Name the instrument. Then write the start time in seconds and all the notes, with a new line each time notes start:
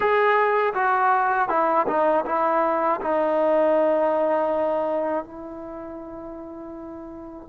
trombone
0.00 G#4
0.74 F#4
1.49 E4
1.87 D#4
2.25 E4
3.01 D#4
5.24 E4